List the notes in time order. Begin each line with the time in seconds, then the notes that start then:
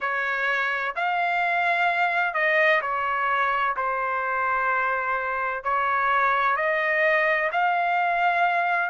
0.00 C#5
0.95 F5
2.34 D#5
2.81 C#5
3.76 C5
5.63 C#5
6.56 D#5
7.52 F5